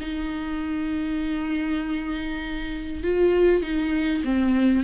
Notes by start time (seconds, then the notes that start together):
0.00 D#4
3.03 F4
3.62 D#4
4.24 C4